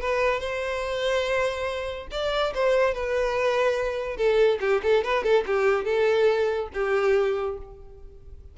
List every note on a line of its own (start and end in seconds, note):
0.00 0.40 B4
0.40 2.08 C5
2.11 2.53 D5
2.54 2.94 C5
2.94 4.17 B4
4.17 4.58 A4
4.60 4.81 G4
4.83 5.04 A4
5.04 5.23 B4
5.23 5.44 A4
5.46 5.85 G4
5.85 6.68 A4
6.73 7.57 G4